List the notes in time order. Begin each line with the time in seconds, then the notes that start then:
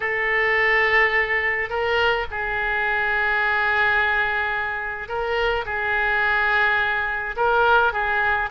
0.00 A4
1.69 A#4
2.30 G#4
5.08 A#4
5.65 G#4
7.36 A#4
7.92 G#4